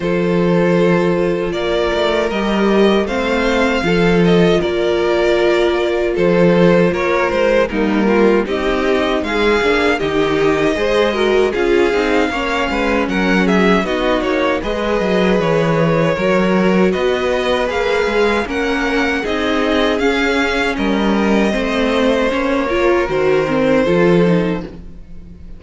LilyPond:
<<
  \new Staff \with { instrumentName = "violin" } { \time 4/4 \tempo 4 = 78 c''2 d''4 dis''4 | f''4. dis''8 d''2 | c''4 cis''8 c''8 ais'4 dis''4 | f''4 dis''2 f''4~ |
f''4 fis''8 e''8 dis''8 cis''8 dis''4 | cis''2 dis''4 f''4 | fis''4 dis''4 f''4 dis''4~ | dis''4 cis''4 c''2 | }
  \new Staff \with { instrumentName = "violin" } { \time 4/4 a'2 ais'2 | c''4 a'4 ais'2 | a'4 ais'4 dis'8 f'8 g'4 | gis'4 g'4 c''8 ais'8 gis'4 |
cis''8 b'8 ais'8 gis'8 fis'4 b'4~ | b'4 ais'4 b'2 | ais'4 gis'2 ais'4 | c''4. ais'4. a'4 | }
  \new Staff \with { instrumentName = "viola" } { \time 4/4 f'2. g'4 | c'4 f'2.~ | f'2 ais4 dis'4~ | dis'8 d'8 dis'4 gis'8 fis'8 f'8 dis'8 |
cis'2 dis'4 gis'4~ | gis'4 fis'2 gis'4 | cis'4 dis'4 cis'2 | c'4 cis'8 f'8 fis'8 c'8 f'8 dis'8 | }
  \new Staff \with { instrumentName = "cello" } { \time 4/4 f2 ais8 a8 g4 | a4 f4 ais2 | f4 ais8 gis8 g4 c'4 | gis8 ais8 dis4 gis4 cis'8 c'8 |
ais8 gis8 fis4 b8 ais8 gis8 fis8 | e4 fis4 b4 ais8 gis8 | ais4 c'4 cis'4 g4 | a4 ais4 dis4 f4 | }
>>